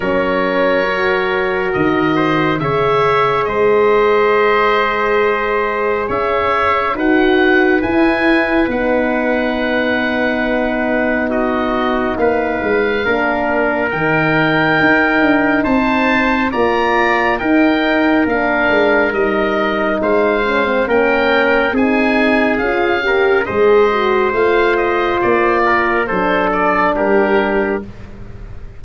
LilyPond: <<
  \new Staff \with { instrumentName = "oboe" } { \time 4/4 \tempo 4 = 69 cis''2 dis''4 e''4 | dis''2. e''4 | fis''4 gis''4 fis''2~ | fis''4 dis''4 f''2 |
g''2 a''4 ais''4 | g''4 f''4 dis''4 f''4 | g''4 gis''4 f''4 dis''4 | f''8 dis''8 d''4 c''8 d''8 ais'4 | }
  \new Staff \with { instrumentName = "trumpet" } { \time 4/4 ais'2~ ais'8 c''8 cis''4 | c''2. cis''4 | b'1~ | b'4 fis'4 b'4 ais'4~ |
ais'2 c''4 d''4 | ais'2. c''4 | ais'4 gis'4. ais'8 c''4~ | c''4. ais'8 a'4 g'4 | }
  \new Staff \with { instrumentName = "horn" } { \time 4/4 cis'4 fis'2 gis'4~ | gis'1 | fis'4 e'4 dis'2~ | dis'2. d'4 |
dis'2. f'4 | dis'4 d'4 dis'4. cis'16 c'16 | cis'4 dis'4 f'8 g'8 gis'8 fis'8 | f'2 d'2 | }
  \new Staff \with { instrumentName = "tuba" } { \time 4/4 fis2 dis4 cis4 | gis2. cis'4 | dis'4 e'4 b2~ | b2 ais8 gis8 ais4 |
dis4 dis'8 d'8 c'4 ais4 | dis'4 ais8 gis8 g4 gis4 | ais4 c'4 cis'4 gis4 | a4 ais4 fis4 g4 | }
>>